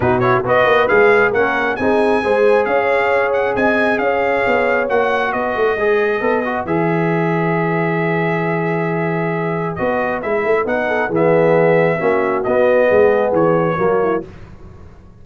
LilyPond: <<
  \new Staff \with { instrumentName = "trumpet" } { \time 4/4 \tempo 4 = 135 b'8 cis''8 dis''4 f''4 fis''4 | gis''2 f''4. fis''8 | gis''4 f''2 fis''4 | dis''2. e''4~ |
e''1~ | e''2 dis''4 e''4 | fis''4 e''2. | dis''2 cis''2 | }
  \new Staff \with { instrumentName = "horn" } { \time 4/4 fis'4 b'2 ais'4 | gis'4 c''4 cis''2 | dis''4 cis''2. | b'1~ |
b'1~ | b'1~ | b'8 a'8 gis'2 fis'4~ | fis'4 gis'2 fis'8 e'8 | }
  \new Staff \with { instrumentName = "trombone" } { \time 4/4 dis'8 e'8 fis'4 gis'4 cis'4 | dis'4 gis'2.~ | gis'2. fis'4~ | fis'4 gis'4 a'8 fis'8 gis'4~ |
gis'1~ | gis'2 fis'4 e'4 | dis'4 b2 cis'4 | b2. ais4 | }
  \new Staff \with { instrumentName = "tuba" } { \time 4/4 b,4 b8 ais8 gis4 ais4 | c'4 gis4 cis'2 | c'4 cis'4 b4 ais4 | b8 a8 gis4 b4 e4~ |
e1~ | e2 b4 gis8 a8 | b4 e2 ais4 | b4 gis4 e4 fis4 | }
>>